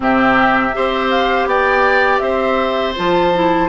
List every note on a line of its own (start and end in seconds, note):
0.00 0.73 C3
0.00 0.72 C4
0.00 0.75 G4
0.00 1.10 E5
0.73 1.46 C4
0.73 2.95 G4
0.73 1.48 C5
1.10 1.47 F5
1.46 2.20 B3
1.46 2.22 D5
1.46 2.18 G5
2.18 2.94 C4
2.18 3.68 C5
2.18 2.92 E5
2.95 3.68 F3
2.95 3.32 F4
2.95 3.68 A5
3.33 3.68 E4